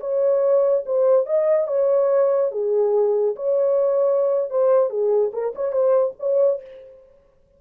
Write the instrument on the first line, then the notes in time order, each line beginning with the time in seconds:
horn
0.00 C#5
0.86 C5
1.26 D#5
1.67 C#5
2.51 G#4
3.35 C#5
4.50 C5
4.89 G#4
5.33 A#4
5.55 C#5
5.72 C5
6.19 C#5